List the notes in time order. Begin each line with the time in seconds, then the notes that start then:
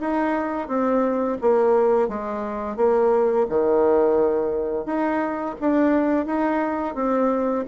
0.00 D#4
0.68 C4
1.41 A#3
2.08 G#3
2.76 A#3
3.49 D#3
4.85 D#4
5.60 D4
6.26 D#4
6.95 C4